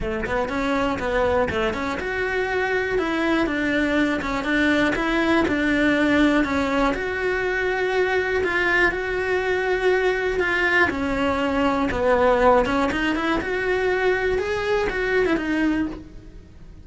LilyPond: \new Staff \with { instrumentName = "cello" } { \time 4/4 \tempo 4 = 121 a8 b8 cis'4 b4 a8 cis'8 | fis'2 e'4 d'4~ | d'8 cis'8 d'4 e'4 d'4~ | d'4 cis'4 fis'2~ |
fis'4 f'4 fis'2~ | fis'4 f'4 cis'2 | b4. cis'8 dis'8 e'8 fis'4~ | fis'4 gis'4 fis'8. e'16 dis'4 | }